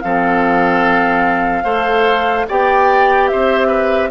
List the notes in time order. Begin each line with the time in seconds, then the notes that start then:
0.00 F3 C4 A4 F5
1.63 A3 A4 C5
2.48 B3 G4 D5 G5
3.28 C4 C5 E5
3.67 B4